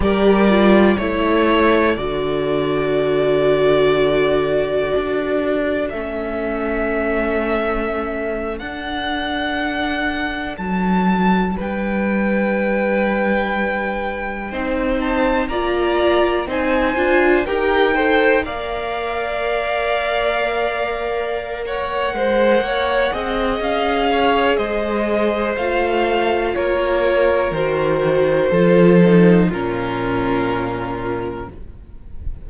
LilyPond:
<<
  \new Staff \with { instrumentName = "violin" } { \time 4/4 \tempo 4 = 61 d''4 cis''4 d''2~ | d''2 e''2~ | e''8. fis''2 a''4 g''16~ | g''2.~ g''16 a''8 ais''16~ |
ais''8. gis''4 g''4 f''4~ f''16~ | f''2 fis''2 | f''4 dis''4 f''4 cis''4 | c''2 ais'2 | }
  \new Staff \with { instrumentName = "violin" } { \time 4/4 ais'4 a'2.~ | a'1~ | a'2.~ a'8. b'16~ | b'2~ b'8. c''4 d''16~ |
d''8. c''4 ais'8 c''8 d''4~ d''16~ | d''2 cis''8 c''8 cis''8 dis''8~ | dis''8 cis''8 c''2 ais'4~ | ais'4 a'4 f'2 | }
  \new Staff \with { instrumentName = "viola" } { \time 4/4 g'8 f'8 e'4 fis'2~ | fis'2 cis'2~ | cis'8. d'2.~ d'16~ | d'2~ d'8. dis'4 f'16~ |
f'8. dis'8 f'8 g'8 a'8 ais'4~ ais'16~ | ais'2.~ ais'8 gis'8~ | gis'2 f'2 | fis'4 f'8 dis'8 cis'2 | }
  \new Staff \with { instrumentName = "cello" } { \time 4/4 g4 a4 d2~ | d4 d'4 a2~ | a8. d'2 fis4 g16~ | g2~ g8. c'4 ais16~ |
ais8. c'8 d'8 dis'4 ais4~ ais16~ | ais2~ ais8 gis8 ais8 c'8 | cis'4 gis4 a4 ais4 | dis4 f4 ais,2 | }
>>